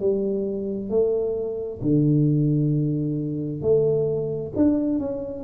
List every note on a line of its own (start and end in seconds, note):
0.00 0.90 G3
0.90 1.81 A3
1.82 3.62 D3
3.62 4.53 A3
4.56 5.00 D4
5.00 5.44 C#4